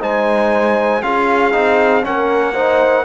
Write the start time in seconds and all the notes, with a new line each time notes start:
0.00 G#3 D#4 C5 G#5
1.02 C#4 F4 G#4 F5
1.52 C4 D#4
2.03 A#3 C#4 A#4 F#5
2.54 D#4 C5